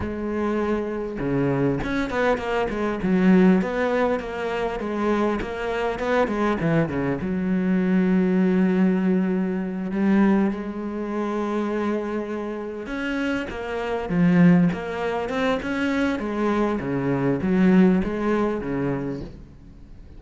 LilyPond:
\new Staff \with { instrumentName = "cello" } { \time 4/4 \tempo 4 = 100 gis2 cis4 cis'8 b8 | ais8 gis8 fis4 b4 ais4 | gis4 ais4 b8 gis8 e8 cis8 | fis1~ |
fis8 g4 gis2~ gis8~ | gis4. cis'4 ais4 f8~ | f8 ais4 c'8 cis'4 gis4 | cis4 fis4 gis4 cis4 | }